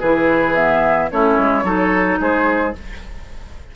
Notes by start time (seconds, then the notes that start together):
0.00 E3 E4 G#4 B4
0.55 B3 E5
1.10 A3 C#4 E4 C#5
1.38 G#3
1.63 F#3 D#4 A4
2.20 G#3 G#4 C5